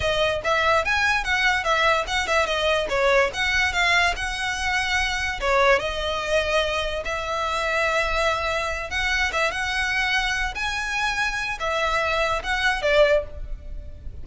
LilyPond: \new Staff \with { instrumentName = "violin" } { \time 4/4 \tempo 4 = 145 dis''4 e''4 gis''4 fis''4 | e''4 fis''8 e''8 dis''4 cis''4 | fis''4 f''4 fis''2~ | fis''4 cis''4 dis''2~ |
dis''4 e''2.~ | e''4. fis''4 e''8 fis''4~ | fis''4. gis''2~ gis''8 | e''2 fis''4 d''4 | }